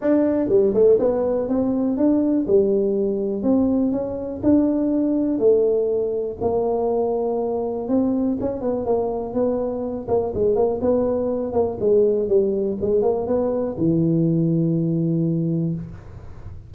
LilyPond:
\new Staff \with { instrumentName = "tuba" } { \time 4/4 \tempo 4 = 122 d'4 g8 a8 b4 c'4 | d'4 g2 c'4 | cis'4 d'2 a4~ | a4 ais2. |
c'4 cis'8 b8 ais4 b4~ | b8 ais8 gis8 ais8 b4. ais8 | gis4 g4 gis8 ais8 b4 | e1 | }